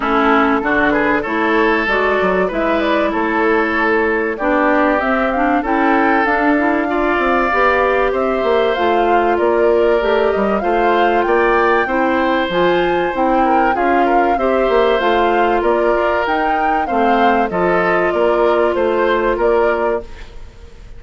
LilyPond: <<
  \new Staff \with { instrumentName = "flute" } { \time 4/4 \tempo 4 = 96 a'4. b'8 cis''4 d''4 | e''8 d''8 cis''2 d''4 | e''8 f''8 g''4 f''2~ | f''4 e''4 f''4 d''4~ |
d''8 dis''8 f''4 g''2 | gis''4 g''4 f''4 e''4 | f''4 d''4 g''4 f''4 | dis''4 d''4 c''4 d''4 | }
  \new Staff \with { instrumentName = "oboe" } { \time 4/4 e'4 fis'8 gis'8 a'2 | b'4 a'2 g'4~ | g'4 a'2 d''4~ | d''4 c''2 ais'4~ |
ais'4 c''4 d''4 c''4~ | c''4. ais'8 gis'8 ais'8 c''4~ | c''4 ais'2 c''4 | a'4 ais'4 c''4 ais'4 | }
  \new Staff \with { instrumentName = "clarinet" } { \time 4/4 cis'4 d'4 e'4 fis'4 | e'2. d'4 | c'8 d'8 e'4 d'8 e'8 f'4 | g'2 f'2 |
g'4 f'2 e'4 | f'4 e'4 f'4 g'4 | f'2 dis'4 c'4 | f'1 | }
  \new Staff \with { instrumentName = "bassoon" } { \time 4/4 a4 d4 a4 gis8 fis8 | gis4 a2 b4 | c'4 cis'4 d'4. c'8 | b4 c'8 ais8 a4 ais4 |
a8 g8 a4 ais4 c'4 | f4 c'4 cis'4 c'8 ais8 | a4 ais8 f'8 dis'4 a4 | f4 ais4 a4 ais4 | }
>>